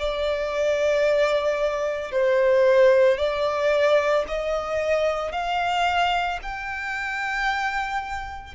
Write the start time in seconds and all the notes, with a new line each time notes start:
0.00 D5
2.12 C5
3.18 D5
4.28 D#5
5.32 F5
6.43 G5